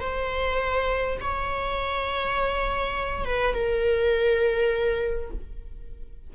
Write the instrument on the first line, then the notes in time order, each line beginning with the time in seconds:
viola
0.00 C5
1.20 C#5
3.25 B4
3.54 A#4